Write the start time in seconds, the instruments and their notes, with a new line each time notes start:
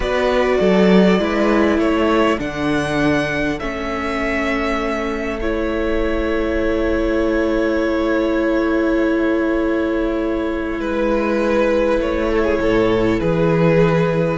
0.00 cello B3, viola F#4, violin B4 D5
0.60 cello F#3, violin A4
1.19 cello G#3, viola E4, violin B4
1.78 cello A3, violin A4 C#5
2.38 cello D3, viola D4, violin F#5
3.59 cello A3, viola C#4, violin E5
5.41 viola E4, violin C#5
10.79 cello G#3, violin B4
11.98 cello A3, violin C#5
12.30 violin A4
12.44 violin G#4
12.60 cello A2, violin A4
13.19 cello E3, violin G#4 B4